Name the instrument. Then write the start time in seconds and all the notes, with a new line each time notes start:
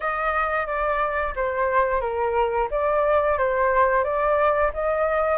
flute
0.00 D#5
0.66 D5
1.35 C5
2.00 A#4
2.70 D5
3.38 C5
4.04 D5
4.73 D#5